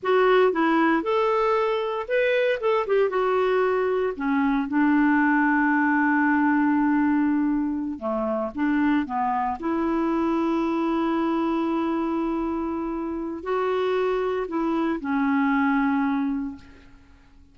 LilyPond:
\new Staff \with { instrumentName = "clarinet" } { \time 4/4 \tempo 4 = 116 fis'4 e'4 a'2 | b'4 a'8 g'8 fis'2 | cis'4 d'2.~ | d'2.~ d'8 a8~ |
a8 d'4 b4 e'4.~ | e'1~ | e'2 fis'2 | e'4 cis'2. | }